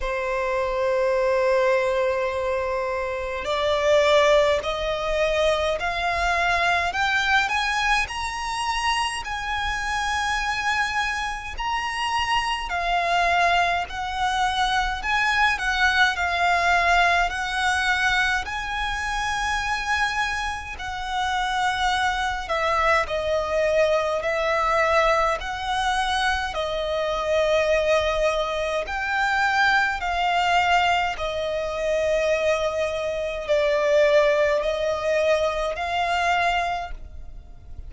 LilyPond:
\new Staff \with { instrumentName = "violin" } { \time 4/4 \tempo 4 = 52 c''2. d''4 | dis''4 f''4 g''8 gis''8 ais''4 | gis''2 ais''4 f''4 | fis''4 gis''8 fis''8 f''4 fis''4 |
gis''2 fis''4. e''8 | dis''4 e''4 fis''4 dis''4~ | dis''4 g''4 f''4 dis''4~ | dis''4 d''4 dis''4 f''4 | }